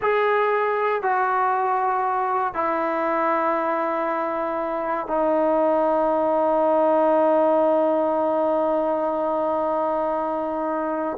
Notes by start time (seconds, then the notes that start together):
0.01 G#4
1.02 F#4
2.54 E4
5.07 D#4